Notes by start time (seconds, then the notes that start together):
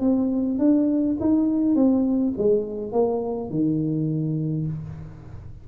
0.00 C4
0.58 D4
1.20 D#4
1.75 C4
2.37 G#3
2.92 A#3
3.50 D#3